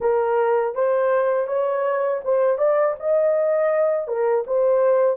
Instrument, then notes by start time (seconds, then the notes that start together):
horn
0.00 A#4
0.74 C5
1.46 C#5
2.24 C5
2.58 D5
2.99 D#5
4.07 A#4
4.46 C5